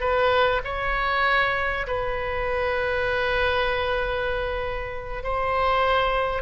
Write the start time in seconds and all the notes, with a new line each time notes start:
0.00 B4
0.64 C#5
1.86 B4
5.23 C5